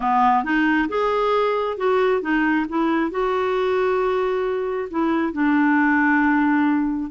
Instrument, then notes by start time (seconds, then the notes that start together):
clarinet
0.00 B3
0.44 D#4
0.88 G#4
1.77 F#4
2.21 D#4
2.68 E4
3.11 F#4
4.90 E4
5.33 D4